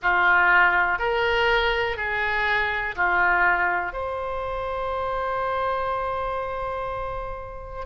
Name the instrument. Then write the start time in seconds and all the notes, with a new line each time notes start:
oboe
0.02 F4
0.98 A#4
1.97 G#4
2.95 F4
3.93 C5